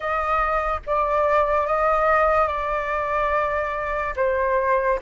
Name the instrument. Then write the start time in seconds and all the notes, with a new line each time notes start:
flute
0.00 D#5
0.86 D5
1.67 D#5
2.47 D5
4.16 C5